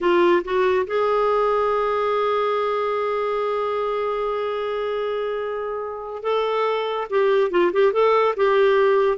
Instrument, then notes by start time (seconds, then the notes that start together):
clarinet
0.00 F4
0.44 F#4
0.86 G#4
6.22 A4
7.09 G4
7.50 F4
7.72 G4
7.92 A4
8.36 G4